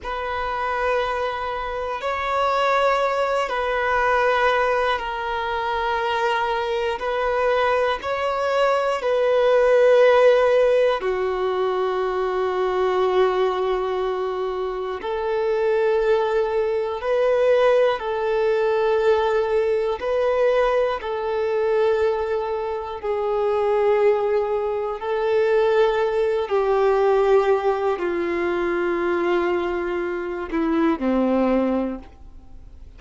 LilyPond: \new Staff \with { instrumentName = "violin" } { \time 4/4 \tempo 4 = 60 b'2 cis''4. b'8~ | b'4 ais'2 b'4 | cis''4 b'2 fis'4~ | fis'2. a'4~ |
a'4 b'4 a'2 | b'4 a'2 gis'4~ | gis'4 a'4. g'4. | f'2~ f'8 e'8 c'4 | }